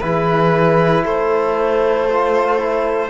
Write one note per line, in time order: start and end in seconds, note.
0.00 1.05 E3
0.00 2.09 E4
0.00 1.05 G#4
0.00 1.03 B4
1.05 3.10 A3
1.05 3.10 A4
1.05 3.10 C5
2.10 2.58 F4
2.58 3.10 E4